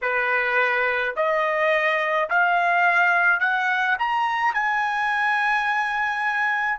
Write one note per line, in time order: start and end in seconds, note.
0.01 1.14 B4
1.16 2.29 D#5
2.30 3.40 F5
3.40 3.96 F#5
3.98 4.53 A#5
4.53 6.79 G#5